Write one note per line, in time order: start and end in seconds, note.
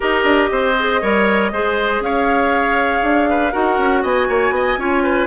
0.00 0.24 D#4
0.00 0.75 G4
0.00 0.49 A#4
0.00 2.03 D#5
0.24 0.49 D4
0.51 1.01 C4
0.51 1.01 C5
0.78 1.01 G#4
1.01 1.52 G3
1.01 1.52 A#4
1.01 1.51 C#5
1.52 2.00 G#3
1.52 3.52 G#4
1.52 2.03 C5
2.00 3.01 C#4
2.00 3.29 C#5
2.00 3.52 F5
3.02 3.52 D4
3.29 3.52 B4
3.52 3.78 D#4
3.52 4.78 F#4
3.52 4.02 A#4
3.52 4.02 F#5
3.78 4.03 C#4
4.02 4.28 B3
4.02 4.27 D#5
4.02 5.27 G#5
4.28 4.50 A#3
4.28 4.54 C#5
4.50 4.75 B3
4.50 4.79 D#5
4.77 5.27 C#4
4.77 5.27 F4
4.77 5.03 C#5
5.03 5.27 B4